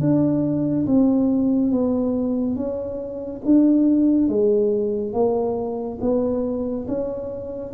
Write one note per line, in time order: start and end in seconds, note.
0.00 0.86 D4
0.86 1.71 C4
1.71 2.56 B3
2.56 3.41 C#4
3.45 4.28 D4
4.28 5.13 G#3
5.13 5.98 A#3
6.01 6.86 B3
6.88 7.73 C#4